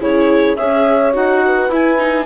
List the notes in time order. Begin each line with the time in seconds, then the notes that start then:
0.00 C#3 E4 G#4 C#5
0.56 C#4 G#4 C#5 E5
1.13 D#4 F#4 F#5
1.46 B4
1.69 E4 G#5
1.98 D#4